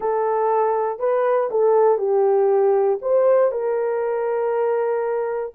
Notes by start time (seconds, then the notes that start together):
0.00 A4
0.99 B4
1.51 A4
1.98 G4
3.01 C5
3.51 A#4